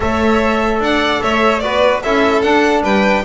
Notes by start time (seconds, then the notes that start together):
0.00 A3 A4 C#5 E5
0.79 D4 D5 F#5
1.22 A3 C#5 E5
1.59 B3 F#4 B4 D5
2.02 C#4 E4 A4 E5
2.41 D4 F#5
2.82 G3 B4 G5